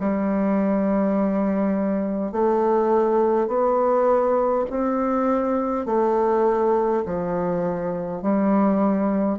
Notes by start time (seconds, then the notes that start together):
0.00 G3
2.32 A3
3.48 B3
4.70 C4
5.86 A3
7.05 F3
8.21 G3